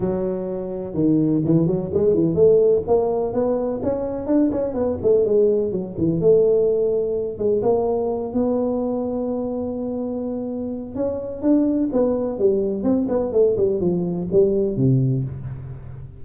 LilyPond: \new Staff \with { instrumentName = "tuba" } { \time 4/4 \tempo 4 = 126 fis2 dis4 e8 fis8 | gis8 e8 a4 ais4 b4 | cis'4 d'8 cis'8 b8 a8 gis4 | fis8 e8 a2~ a8 gis8 |
ais4. b2~ b8~ | b2. cis'4 | d'4 b4 g4 c'8 b8 | a8 g8 f4 g4 c4 | }